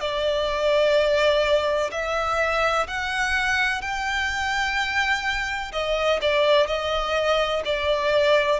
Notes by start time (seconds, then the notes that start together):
0.00 D5
1.91 E5
2.87 F#5
3.81 G5
5.72 D#5
6.21 D5
6.67 D#5
7.65 D5